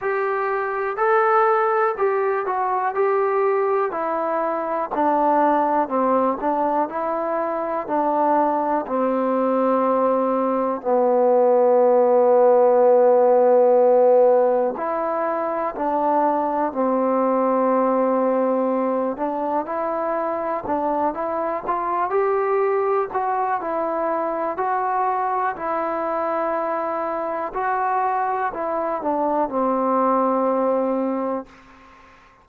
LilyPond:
\new Staff \with { instrumentName = "trombone" } { \time 4/4 \tempo 4 = 61 g'4 a'4 g'8 fis'8 g'4 | e'4 d'4 c'8 d'8 e'4 | d'4 c'2 b4~ | b2. e'4 |
d'4 c'2~ c'8 d'8 | e'4 d'8 e'8 f'8 g'4 fis'8 | e'4 fis'4 e'2 | fis'4 e'8 d'8 c'2 | }